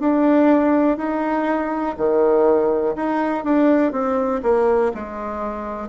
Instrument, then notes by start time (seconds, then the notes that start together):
bassoon
0.00 D4
0.97 D#4
1.97 D#3
2.96 D#4
3.44 D4
3.92 C4
4.43 A#3
4.94 G#3